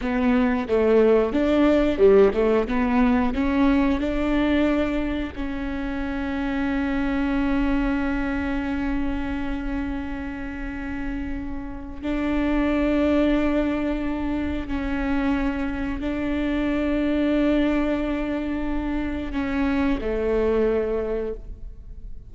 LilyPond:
\new Staff \with { instrumentName = "viola" } { \time 4/4 \tempo 4 = 90 b4 a4 d'4 g8 a8 | b4 cis'4 d'2 | cis'1~ | cis'1~ |
cis'2 d'2~ | d'2 cis'2 | d'1~ | d'4 cis'4 a2 | }